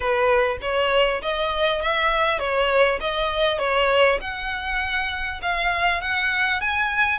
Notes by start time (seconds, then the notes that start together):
0.00 B4
0.61 C#5
1.22 D#5
1.81 E5
2.39 C#5
3.00 D#5
3.58 C#5
4.20 F#5
5.42 F5
6.01 F#5
6.60 G#5